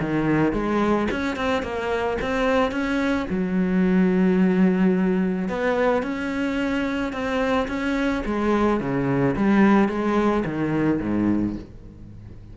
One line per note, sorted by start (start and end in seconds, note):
0.00 0.52 D#3
0.52 1.07 G#3
1.11 1.36 C#4
1.36 1.62 C4
1.62 2.17 A#3
2.21 2.71 C4
2.71 3.26 C#4
3.30 5.48 F#3
5.48 6.02 B3
6.02 7.12 C#4
7.12 7.67 C4
7.68 8.23 C#4
8.25 8.80 G#3
8.80 9.35 C#3
9.36 9.88 G3
9.88 10.43 G#3
10.45 11.00 D#3
11.00 11.55 G#2